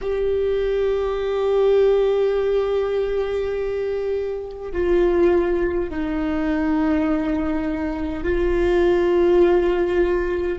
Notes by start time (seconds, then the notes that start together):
0.01 G4
4.72 F4
5.90 D#4
8.23 F4